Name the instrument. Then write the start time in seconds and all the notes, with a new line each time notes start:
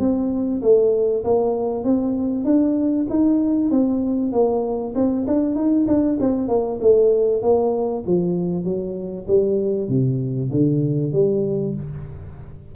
tuba
0.00 C4
0.62 A3
1.25 A#3
1.85 C4
2.45 D4
3.10 D#4
3.71 C4
4.33 A#3
4.95 C4
5.27 D4
5.56 D#4
5.88 D4
6.21 C4
6.49 A#3
6.82 A3
7.43 A#3
8.07 F3
8.65 F#3
9.28 G3
9.89 C3
10.52 D3
11.13 G3